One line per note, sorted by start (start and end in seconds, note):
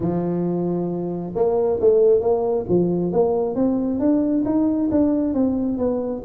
0.00 1.33 F3
1.35 1.79 A#3
1.80 2.20 A3
2.20 2.65 A#3
2.68 3.12 F3
3.12 3.55 A#3
3.55 3.99 C4
3.99 4.44 D4
4.45 4.89 D#4
4.91 5.34 D4
5.34 5.77 C4
5.77 6.22 B3